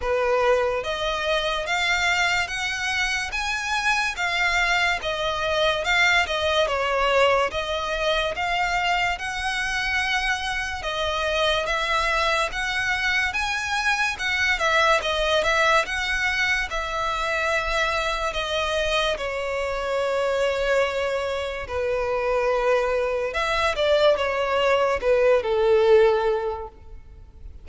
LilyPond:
\new Staff \with { instrumentName = "violin" } { \time 4/4 \tempo 4 = 72 b'4 dis''4 f''4 fis''4 | gis''4 f''4 dis''4 f''8 dis''8 | cis''4 dis''4 f''4 fis''4~ | fis''4 dis''4 e''4 fis''4 |
gis''4 fis''8 e''8 dis''8 e''8 fis''4 | e''2 dis''4 cis''4~ | cis''2 b'2 | e''8 d''8 cis''4 b'8 a'4. | }